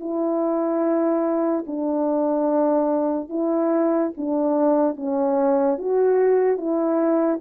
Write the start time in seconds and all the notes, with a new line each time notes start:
0.00 E4
1.67 D4
3.29 E4
4.17 D4
4.96 C#4
5.78 F#4
6.57 E4